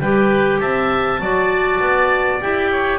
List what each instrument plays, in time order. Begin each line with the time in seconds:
0.00 double bass G3, clarinet G4 G5, oboe B4
0.60 double bass C4, oboe E5, clarinet A5
1.20 double bass F#3, clarinet F#4, oboe D5
1.81 double bass B3
2.41 double bass E4, clarinet G4 G5
2.72 oboe C#5